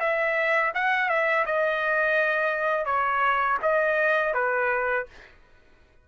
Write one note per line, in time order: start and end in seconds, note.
0.00 0.72 E5
0.75 1.09 F#5
1.09 1.46 E5
1.46 2.86 D#5
2.86 3.58 C#5
3.62 4.34 D#5
4.34 5.06 B4